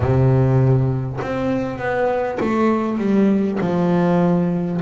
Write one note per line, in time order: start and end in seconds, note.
0.00 1.19 C3
1.21 1.78 C4
1.78 2.38 B3
2.40 2.98 A3
2.98 3.58 G3
3.60 4.80 F3